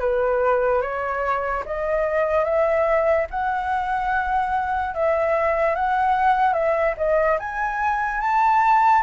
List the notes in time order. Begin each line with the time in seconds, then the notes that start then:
0.00 B4
0.82 C#5
1.66 D#5
2.44 E5
3.31 F#5
4.95 E5
5.75 F#5
6.53 E5
6.97 D#5
7.39 G#5
8.21 A5